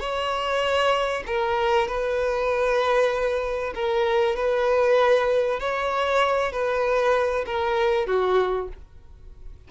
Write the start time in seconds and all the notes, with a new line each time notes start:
0.00 C#5
1.27 A#4
1.88 B4
3.75 A#4
4.36 B4
5.60 C#5
6.53 B4
7.46 A#4
8.07 F#4